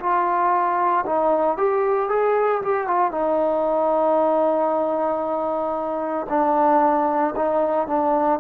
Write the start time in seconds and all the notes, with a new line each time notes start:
0.00 F4
1.06 D#4
1.57 G4
2.09 G#4
2.62 G4
2.88 F4
3.11 D#4
6.30 D4
7.36 D#4
7.88 D4